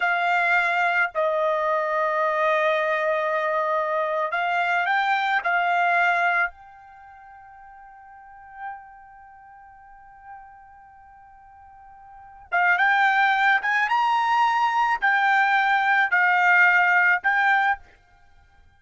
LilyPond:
\new Staff \with { instrumentName = "trumpet" } { \time 4/4 \tempo 4 = 108 f''2 dis''2~ | dis''2.~ dis''8. f''16~ | f''8. g''4 f''2 g''16~ | g''1~ |
g''1~ | g''2~ g''8 f''8 g''4~ | g''8 gis''8 ais''2 g''4~ | g''4 f''2 g''4 | }